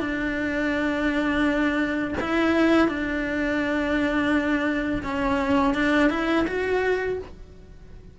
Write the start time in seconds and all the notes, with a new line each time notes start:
0.00 D4
2.21 E4
2.89 D4
5.03 C#4
5.74 D4
6.10 E4
6.47 F#4